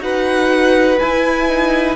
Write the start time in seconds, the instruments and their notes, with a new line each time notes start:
0.00 cello D#4, viola F#4, violin B4 F#5
0.99 viola E4, cello E4, violin G#5
1.48 viola D#4